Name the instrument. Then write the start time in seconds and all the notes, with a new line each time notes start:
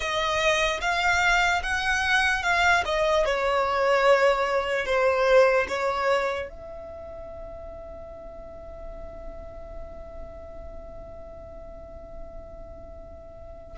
violin
0.00 D#5
0.81 F5
1.62 F#5
2.43 F5
2.85 D#5
3.25 C#5
4.85 C5
5.68 C#5
6.49 E5